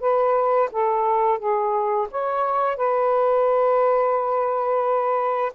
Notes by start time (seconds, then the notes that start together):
0.00 B4
0.71 A4
1.39 G#4
2.11 C#5
2.76 B4